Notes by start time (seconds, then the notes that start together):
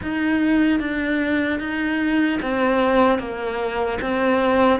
0.02 D#4
0.79 D4
1.59 D#4
2.42 C4
3.18 A#3
4.01 C4